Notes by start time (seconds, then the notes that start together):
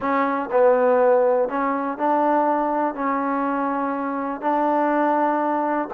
0.00 C#4
0.51 B3
1.48 C#4
1.98 D4
2.94 C#4
4.41 D4